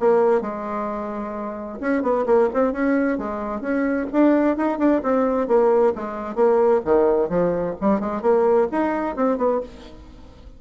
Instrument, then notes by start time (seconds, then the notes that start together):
bassoon
0.00 A#3
0.42 G#3
1.81 C#4
2.03 B3
2.27 A#3
2.54 C4
2.73 C#4
3.18 G#3
3.61 C#4
4.13 D4
4.58 D#4
4.79 D4
5.03 C4
5.48 A#3
5.96 G#3
6.36 A#3
6.86 D#3
7.30 F3
7.81 G3
8.00 G#3
8.22 A#3
8.72 D#4
9.17 C4
9.38 B3